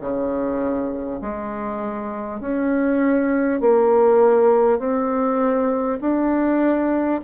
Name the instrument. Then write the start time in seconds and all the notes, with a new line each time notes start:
bassoon
0.00 C#3
1.21 G#3
2.40 C#4
3.60 A#3
4.78 C4
6.00 D4